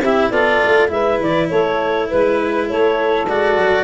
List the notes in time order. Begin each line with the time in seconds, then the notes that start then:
0.00 C4 E4 G4 E5
0.30 B3 F4 A4 D5
0.64 A3
0.88 G#3 E4 B4 E5
1.21 E3 D5
1.49 A3 A4 C#5
2.08 G#3 B4
2.69 A3 A4 C#5
3.28 G#3 F#4 D5
3.57 F#3